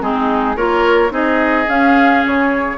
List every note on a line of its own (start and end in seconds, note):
0.00 0.56 G#3
0.00 0.56 C4
0.00 0.56 D#4
0.00 0.56 G#4
0.56 1.11 A#3
0.56 1.10 F4
0.56 1.12 A#4
0.56 1.12 C#5
1.10 1.66 C4
1.10 1.65 D#4
1.10 2.77 G#4
1.10 1.69 D#5
1.68 2.23 C#4
1.68 2.77 C#4
1.68 2.25 F5
2.25 2.77 C#3
2.25 2.77 C#5